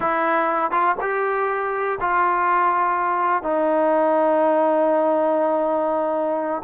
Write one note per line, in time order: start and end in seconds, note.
0.00 0.71 E4
0.71 0.95 F4
1.00 1.99 G4
2.00 3.42 F4
3.42 6.62 D#4